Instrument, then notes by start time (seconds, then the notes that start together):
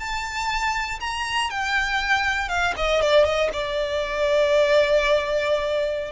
violin
0.00 A5
1.01 A#5
1.51 G5
2.49 F5
2.77 D#5
3.02 D5
3.25 D#5
3.54 D5